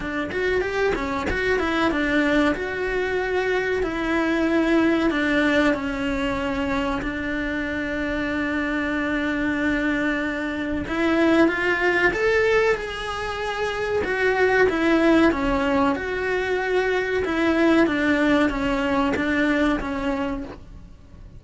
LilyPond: \new Staff \with { instrumentName = "cello" } { \time 4/4 \tempo 4 = 94 d'8 fis'8 g'8 cis'8 fis'8 e'8 d'4 | fis'2 e'2 | d'4 cis'2 d'4~ | d'1~ |
d'4 e'4 f'4 a'4 | gis'2 fis'4 e'4 | cis'4 fis'2 e'4 | d'4 cis'4 d'4 cis'4 | }